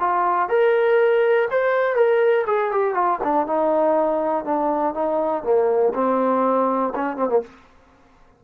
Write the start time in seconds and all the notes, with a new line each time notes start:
0.00 F4
0.49 A#4
1.51 C5
1.96 A#4
2.47 G#4
2.72 G4
2.95 F4
3.24 D4
3.47 D#4
4.45 D4
4.95 D#4
5.44 A#3
5.95 C4
6.95 C#4
7.17 C4
7.29 A#3